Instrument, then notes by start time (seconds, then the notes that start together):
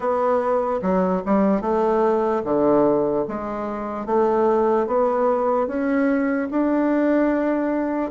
bassoon
0.00 B3
0.81 F#3
1.25 G3
1.61 A3
2.44 D3
3.28 G#3
4.05 A3
4.86 B3
5.67 C#4
6.50 D4